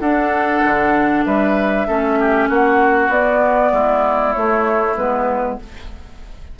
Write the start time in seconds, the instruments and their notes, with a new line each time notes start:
0.00 bassoon D4, clarinet D4, oboe A4, flute F#5
0.65 bassoon D3
1.26 bassoon G3, oboe B4, flute E5
1.88 bassoon A3, clarinet C#4, oboe A4
2.20 oboe G4
2.49 bassoon A#3, oboe F#4, flute F#5
3.09 bassoon B3, clarinet B3, flute D5
3.73 bassoon G#3, oboe E4
4.34 clarinet A3, bassoon A3, flute C#5
4.97 bassoon G#3, clarinet B3, flute B4